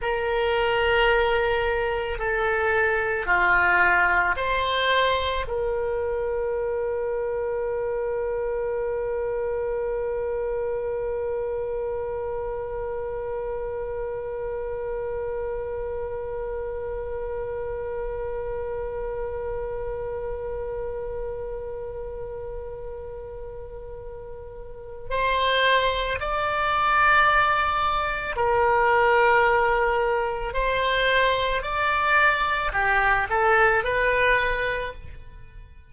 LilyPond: \new Staff \with { instrumentName = "oboe" } { \time 4/4 \tempo 4 = 55 ais'2 a'4 f'4 | c''4 ais'2.~ | ais'1~ | ais'1~ |
ais'1~ | ais'2. c''4 | d''2 ais'2 | c''4 d''4 g'8 a'8 b'4 | }